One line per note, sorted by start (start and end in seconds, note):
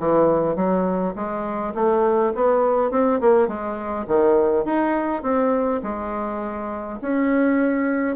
0.00 0.56 E3
0.56 1.14 F#3
1.16 1.74 G#3
1.75 2.33 A3
2.35 2.92 B3
2.92 3.21 C4
3.21 3.48 A#3
3.48 4.06 G#3
4.08 4.65 D#3
4.65 5.23 D#4
5.23 5.81 C4
5.83 7.00 G#3
7.02 8.17 C#4